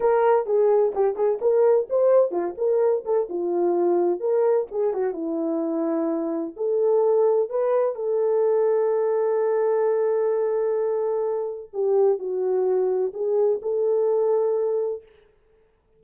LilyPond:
\new Staff \with { instrumentName = "horn" } { \time 4/4 \tempo 4 = 128 ais'4 gis'4 g'8 gis'8 ais'4 | c''4 f'8 ais'4 a'8 f'4~ | f'4 ais'4 gis'8 fis'8 e'4~ | e'2 a'2 |
b'4 a'2.~ | a'1~ | a'4 g'4 fis'2 | gis'4 a'2. | }